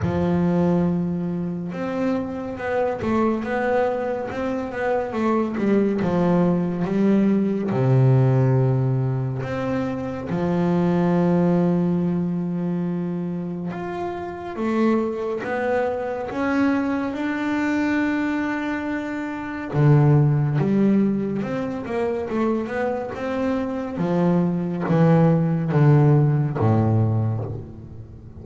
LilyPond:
\new Staff \with { instrumentName = "double bass" } { \time 4/4 \tempo 4 = 70 f2 c'4 b8 a8 | b4 c'8 b8 a8 g8 f4 | g4 c2 c'4 | f1 |
f'4 a4 b4 cis'4 | d'2. d4 | g4 c'8 ais8 a8 b8 c'4 | f4 e4 d4 a,4 | }